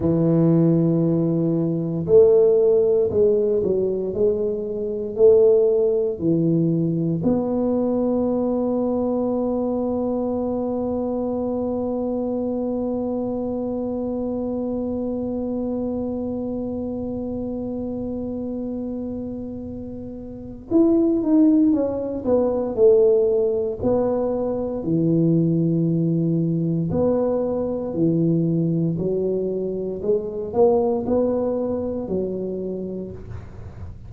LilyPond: \new Staff \with { instrumentName = "tuba" } { \time 4/4 \tempo 4 = 58 e2 a4 gis8 fis8 | gis4 a4 e4 b4~ | b1~ | b1~ |
b1 | e'8 dis'8 cis'8 b8 a4 b4 | e2 b4 e4 | fis4 gis8 ais8 b4 fis4 | }